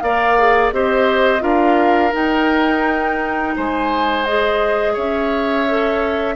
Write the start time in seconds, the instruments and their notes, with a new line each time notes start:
0.00 bassoon A#3, clarinet A#4, oboe D5, flute F5
0.38 clarinet G#4
0.72 bassoon C4, clarinet G4, oboe C5, flute D#5
1.39 bassoon D4, clarinet F4, oboe A#4, flute F5
2.12 clarinet D#4, bassoon D#4, flute G5
3.56 bassoon G#3, oboe C5, flute G#5
4.24 clarinet G#4, flute D#5
4.93 bassoon C#4, oboe C#5, flute E5
5.68 clarinet A4